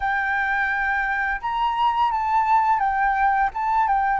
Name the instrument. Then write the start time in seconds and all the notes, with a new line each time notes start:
flute
0.00 G5
1.41 A#5
2.11 A5
2.79 G5
3.54 A5
3.87 G5